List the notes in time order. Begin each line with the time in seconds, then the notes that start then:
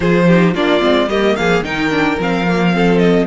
0.00 F3 F4 G#4 C5
0.27 D#4 G4
0.54 A#3 D4 F4 D5
0.80 G#3 C4
1.08 G3 A#3 G4 D#5
1.35 F3 G#4 F5
1.61 D#3 D#4 A#4 G5
1.90 D4
2.18 F3 C4 F5
2.47 A#3
2.72 C4 A4
2.97 D#5